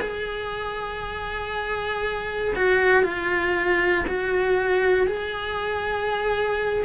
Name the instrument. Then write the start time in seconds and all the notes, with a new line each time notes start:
cello
0.00 G#4
2.55 F#4
3.03 F4
4.07 F#4
5.07 G#4